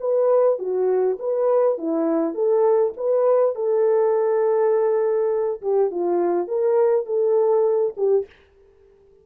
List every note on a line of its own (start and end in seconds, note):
0.00 0.59 B4
0.59 1.18 F#4
1.19 1.78 B4
1.78 2.34 E4
2.34 2.93 A4
2.97 3.55 B4
3.55 5.61 A4
5.62 5.91 G4
5.91 6.48 F4
6.48 7.06 A#4
7.06 7.94 A4
7.97 8.26 G4